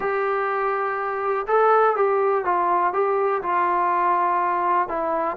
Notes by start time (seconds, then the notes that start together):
0.00 G4
1.47 A4
1.96 G4
2.44 F4
2.93 G4
3.42 F4
4.88 E4